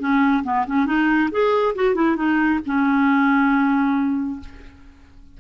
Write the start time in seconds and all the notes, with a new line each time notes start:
0.00 C#4
0.44 B3
0.67 C#4
0.86 D#4
1.32 G#4
1.75 F#4
1.95 E4
2.16 D#4
2.66 C#4